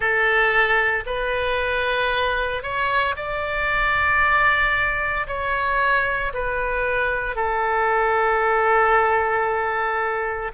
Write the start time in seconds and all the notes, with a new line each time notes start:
0.00 A4
1.05 B4
2.62 C#5
3.16 D5
5.27 C#5
6.33 B4
7.35 A4